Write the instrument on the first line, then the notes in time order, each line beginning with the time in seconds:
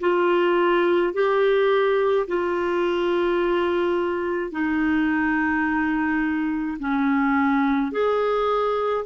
clarinet
0.00 F4
1.13 G4
2.27 F4
4.51 D#4
6.79 C#4
7.91 G#4